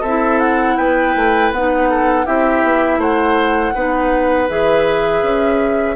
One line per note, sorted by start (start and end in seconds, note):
0.00 0.76 C4
0.00 0.74 A4
0.00 0.40 E5
0.07 1.55 E4
0.40 0.77 F#5
0.77 1.15 B3
0.77 1.88 B4
0.77 1.51 G5
1.15 1.51 A3
1.51 2.25 B3
1.51 2.25 D#4
1.51 2.26 F#5
1.89 2.25 A4
2.25 2.63 C4
2.25 3.73 E4
2.25 2.99 G4
2.25 3.00 E5
2.63 2.97 B3
2.97 3.71 A3
2.97 3.73 C5
2.97 4.49 F#5
3.74 4.49 B3
3.74 4.48 D#4
3.74 5.96 B4
4.48 5.22 E3
4.48 5.96 G#4
4.48 5.96 E5
5.22 5.96 C#4